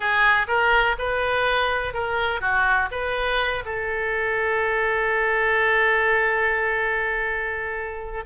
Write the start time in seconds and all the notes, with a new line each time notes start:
0.00 G#4
0.47 A#4
0.98 B4
1.93 A#4
2.40 F#4
2.91 B4
3.65 A4